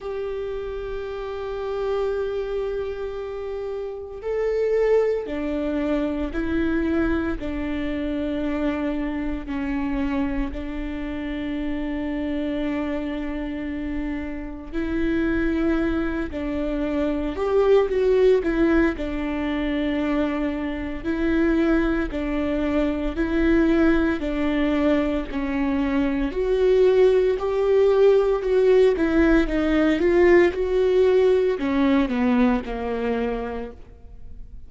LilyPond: \new Staff \with { instrumentName = "viola" } { \time 4/4 \tempo 4 = 57 g'1 | a'4 d'4 e'4 d'4~ | d'4 cis'4 d'2~ | d'2 e'4. d'8~ |
d'8 g'8 fis'8 e'8 d'2 | e'4 d'4 e'4 d'4 | cis'4 fis'4 g'4 fis'8 e'8 | dis'8 f'8 fis'4 cis'8 b8 ais4 | }